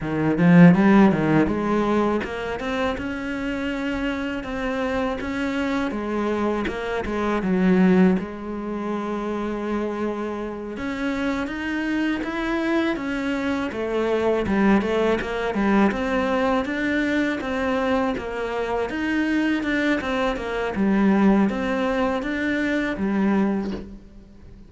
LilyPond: \new Staff \with { instrumentName = "cello" } { \time 4/4 \tempo 4 = 81 dis8 f8 g8 dis8 gis4 ais8 c'8 | cis'2 c'4 cis'4 | gis4 ais8 gis8 fis4 gis4~ | gis2~ gis8 cis'4 dis'8~ |
dis'8 e'4 cis'4 a4 g8 | a8 ais8 g8 c'4 d'4 c'8~ | c'8 ais4 dis'4 d'8 c'8 ais8 | g4 c'4 d'4 g4 | }